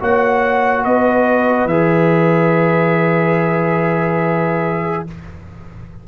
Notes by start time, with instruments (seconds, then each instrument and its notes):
0.00 tuba A#3, trombone F#4, horn C#5, trumpet F#5
0.83 tuba B3, horn B4, trumpet D#5
1.65 tuba E3, trombone G#4, trumpet E5